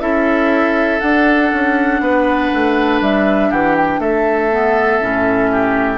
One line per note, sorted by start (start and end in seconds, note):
0.00 1.01 C#4
0.00 1.00 E4
0.00 2.02 A4
0.00 1.00 E5
1.00 1.52 D4
1.00 4.52 D4
1.00 3.00 F#5
1.53 2.01 C#4
2.01 2.51 B3
2.01 3.50 B4
2.54 3.01 A3
3.01 3.51 G3
3.01 3.51 E5
3.50 3.99 E3
3.50 4.00 G4
3.50 3.76 F#5
3.77 4.01 G5
3.99 4.99 A3
3.99 5.51 A4
3.99 5.98 E5
4.52 5.01 B3
5.01 5.98 A2
5.01 5.98 C#4
5.52 5.98 G4